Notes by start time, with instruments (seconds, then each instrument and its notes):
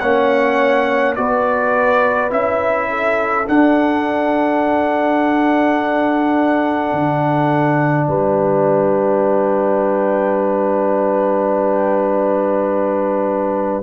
0.00 tuba A#3, trombone C#4, horn C#5, trumpet F#5
1.16 tuba B3, trombone F#4, horn B4, trumpet D5
2.30 tuba C#4, trombone E4, trumpet E5
2.90 horn A4
3.47 trombone D4, tuba D4, trumpet F#5
6.93 tuba D3
8.07 tuba G3, horn B4, trumpet G5